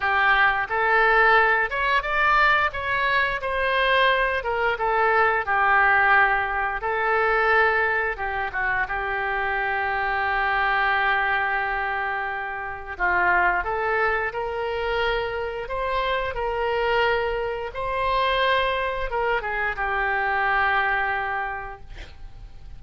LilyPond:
\new Staff \with { instrumentName = "oboe" } { \time 4/4 \tempo 4 = 88 g'4 a'4. cis''8 d''4 | cis''4 c''4. ais'8 a'4 | g'2 a'2 | g'8 fis'8 g'2.~ |
g'2. f'4 | a'4 ais'2 c''4 | ais'2 c''2 | ais'8 gis'8 g'2. | }